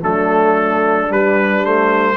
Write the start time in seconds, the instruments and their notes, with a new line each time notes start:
0.00 tuba F#3, trombone A3, horn D4, trumpet A4
1.08 trombone G3, tuba G3, trumpet B4
1.63 trombone A3, trumpet C5